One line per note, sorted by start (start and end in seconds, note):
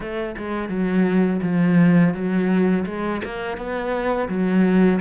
0.00 0.35 A3
0.37 0.69 G#3
0.69 1.40 F#3
1.42 2.14 F3
2.14 2.85 F#3
2.86 3.21 G#3
3.24 3.57 A#3
3.57 4.28 B3
4.28 5.00 F#3